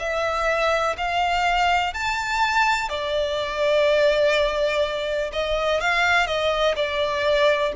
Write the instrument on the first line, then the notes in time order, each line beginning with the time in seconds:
violin
0.00 E5
0.98 F5
1.94 A5
2.89 D5
5.33 D#5
5.81 F5
6.27 D#5
6.76 D5